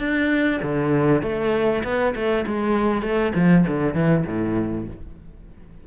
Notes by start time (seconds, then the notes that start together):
0.00 D4
0.63 D3
1.23 A3
1.84 B3
2.16 A3
2.47 G#3
3.03 A3
3.36 F3
3.68 D3
3.95 E3
4.27 A2